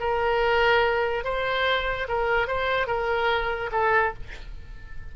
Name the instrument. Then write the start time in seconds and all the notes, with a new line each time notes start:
oboe
0.00 A#4
1.25 C5
2.09 A#4
2.48 C5
2.87 A#4
3.72 A4